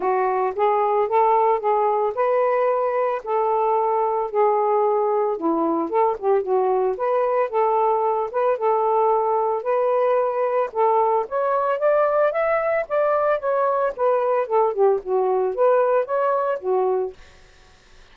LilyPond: \new Staff \with { instrumentName = "saxophone" } { \time 4/4 \tempo 4 = 112 fis'4 gis'4 a'4 gis'4 | b'2 a'2 | gis'2 e'4 a'8 g'8 | fis'4 b'4 a'4. b'8 |
a'2 b'2 | a'4 cis''4 d''4 e''4 | d''4 cis''4 b'4 a'8 g'8 | fis'4 b'4 cis''4 fis'4 | }